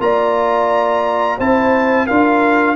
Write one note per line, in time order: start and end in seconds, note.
0.00 1.38 A#3
0.00 1.38 F4
0.00 1.38 D5
0.00 1.39 A#5
1.38 2.08 C4
1.38 2.09 E4
1.38 2.06 C5
1.38 2.07 A5
2.06 2.76 D4
2.06 2.76 F4
2.06 2.75 A#4
2.06 2.76 F5